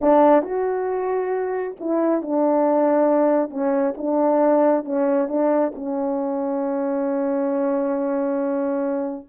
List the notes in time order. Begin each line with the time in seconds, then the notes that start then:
0.01 D4
0.43 F#4
1.79 E4
2.22 D4
3.50 C#4
3.97 D4
4.84 C#4
5.28 D4
5.75 C#4